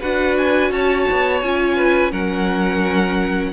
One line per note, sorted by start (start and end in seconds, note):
0.00 0.70 D4
0.00 1.42 F#4
0.00 0.71 B4
0.00 0.36 F#5
0.38 0.72 G#5
0.70 1.06 C#4
0.70 1.76 C#5
0.70 1.40 A5
1.11 1.42 B3
1.40 2.12 C#4
1.40 2.11 F4
1.40 2.11 G#5
1.76 2.11 B4
2.11 3.53 F#3
2.11 3.53 C#4
2.11 3.52 A#4
2.11 3.53 F#5